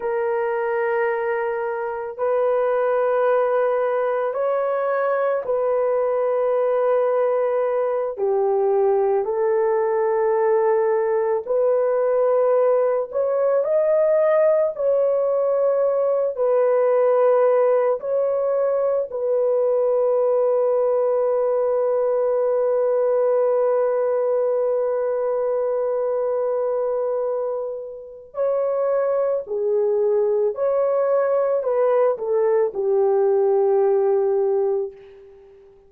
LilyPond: \new Staff \with { instrumentName = "horn" } { \time 4/4 \tempo 4 = 55 ais'2 b'2 | cis''4 b'2~ b'8 g'8~ | g'8 a'2 b'4. | cis''8 dis''4 cis''4. b'4~ |
b'8 cis''4 b'2~ b'8~ | b'1~ | b'2 cis''4 gis'4 | cis''4 b'8 a'8 g'2 | }